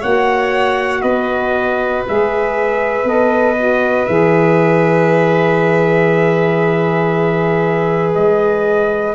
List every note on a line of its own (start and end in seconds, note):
0.00 1.03 A#3
0.00 2.06 F#4
0.00 1.02 C#5
0.00 1.02 F#5
1.02 2.05 B3
1.02 9.15 B4
1.02 2.03 D#5
2.06 3.04 G#3
2.06 3.05 G#4
2.06 3.09 E5
3.04 4.06 B3
3.04 3.56 A4
3.04 4.06 D#5
3.57 4.07 F#4
4.06 8.15 E3
4.06 9.15 G#4
4.06 8.13 E5
8.15 9.15 G#3
8.15 9.15 D#5